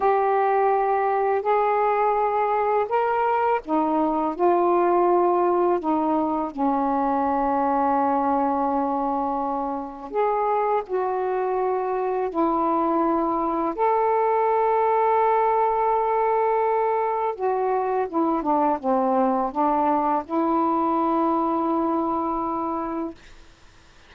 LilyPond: \new Staff \with { instrumentName = "saxophone" } { \time 4/4 \tempo 4 = 83 g'2 gis'2 | ais'4 dis'4 f'2 | dis'4 cis'2.~ | cis'2 gis'4 fis'4~ |
fis'4 e'2 a'4~ | a'1 | fis'4 e'8 d'8 c'4 d'4 | e'1 | }